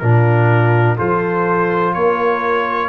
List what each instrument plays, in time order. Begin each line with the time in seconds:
0.00 tuba A#2, trombone D4, horn F4, trumpet A#4
0.98 tuba F3, trombone F4, horn A4, trumpet C5
1.94 tuba A#3, horn A#4, trumpet C#5